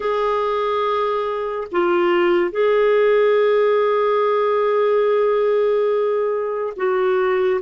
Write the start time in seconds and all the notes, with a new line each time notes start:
0.00 G#4
1.71 F4
2.51 G#4
6.76 F#4